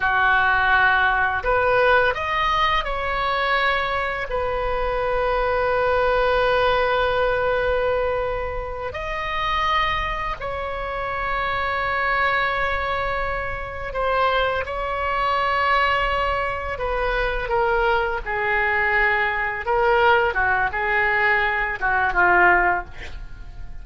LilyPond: \new Staff \with { instrumentName = "oboe" } { \time 4/4 \tempo 4 = 84 fis'2 b'4 dis''4 | cis''2 b'2~ | b'1~ | b'8 dis''2 cis''4.~ |
cis''2.~ cis''8 c''8~ | c''8 cis''2. b'8~ | b'8 ais'4 gis'2 ais'8~ | ais'8 fis'8 gis'4. fis'8 f'4 | }